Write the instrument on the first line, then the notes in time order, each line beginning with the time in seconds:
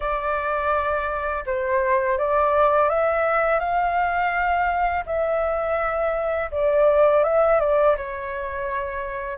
flute
0.00 D5
1.46 C5
2.18 D5
2.89 E5
3.59 F5
5.06 E5
6.51 D5
7.23 E5
7.60 D5
7.96 C#5